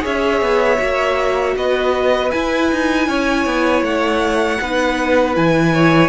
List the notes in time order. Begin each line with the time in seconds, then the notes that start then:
0.00 C#4 G#4 C#5 E5
0.41 B3
0.77 A#3 F#4
1.56 B3 B4 D#5
2.31 E4 G#5
2.72 D#4
3.07 C#4 C#5
3.45 B3
3.82 A3 F#5
4.61 B3 D#4 B4
5.34 E3 E4 G#5
5.73 C#5